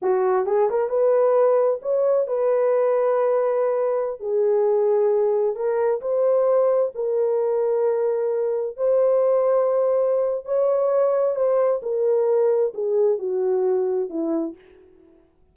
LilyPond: \new Staff \with { instrumentName = "horn" } { \time 4/4 \tempo 4 = 132 fis'4 gis'8 ais'8 b'2 | cis''4 b'2.~ | b'4~ b'16 gis'2~ gis'8.~ | gis'16 ais'4 c''2 ais'8.~ |
ais'2.~ ais'16 c''8.~ | c''2. cis''4~ | cis''4 c''4 ais'2 | gis'4 fis'2 e'4 | }